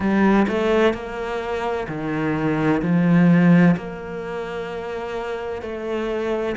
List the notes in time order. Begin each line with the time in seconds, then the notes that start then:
0.00 G3
0.48 A3
0.93 A#3
1.87 D#3
2.82 F3
3.76 A#3
5.62 A3